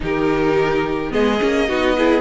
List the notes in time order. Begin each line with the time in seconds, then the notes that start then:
0.00 D#3 D#4 G4 A#4
1.10 G#3 B3 G#4 D#5
1.40 A#3 C#4
1.68 B3 D#4 F#4
1.97 E4 G#4